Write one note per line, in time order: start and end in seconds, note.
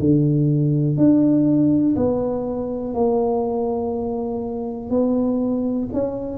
0.00 0.98 D3
0.98 1.96 D4
1.97 2.95 B3
2.95 4.90 A#3
4.90 5.89 B3
5.93 6.38 C#4